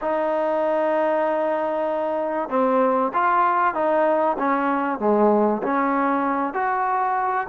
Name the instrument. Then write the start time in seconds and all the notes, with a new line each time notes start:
trombone
0.01 D#4
2.49 C4
3.13 F4
3.74 D#4
4.38 C#4
4.99 G#3
5.62 C#4
6.53 F#4